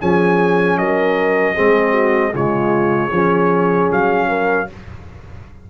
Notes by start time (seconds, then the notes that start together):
0.00 F3 C#4 G#4 G#5
0.77 F#3 A#4 D#5
1.54 G#3 C4 G#4
1.90 F#4
2.33 C#3 G#3 F4 C#5
3.10 F3 C#4 G#4
3.91 F#3 F5
4.28 A#4